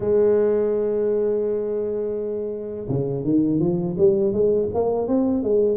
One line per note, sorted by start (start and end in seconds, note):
0.00 2.87 G#3
2.88 3.24 C#3
3.24 3.59 D#3
3.59 3.96 F3
3.97 4.32 G3
4.32 4.69 G#3
4.73 5.07 A#3
5.07 5.43 C4
5.43 5.77 G#3